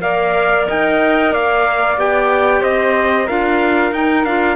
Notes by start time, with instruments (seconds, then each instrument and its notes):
0.00 cello A#3, clarinet A#4, flute D5, trumpet F5
0.67 cello D#4, flute D#5, trumpet G5
1.32 cello A#3, flute D5, trumpet F5
1.97 cello B3, clarinet G4, trumpet G5
2.61 cello C4, flute C5, trumpet D#5
3.26 cello D4, clarinet F4, flute A#4, trumpet F5
3.92 cello D#4, clarinet D#4, trumpet G5
4.24 cello D4, clarinet F4, trumpet F5